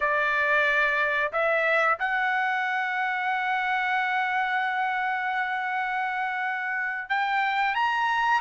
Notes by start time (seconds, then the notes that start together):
0.00 D5
1.32 E5
1.99 F#5
7.09 G5
7.74 A#5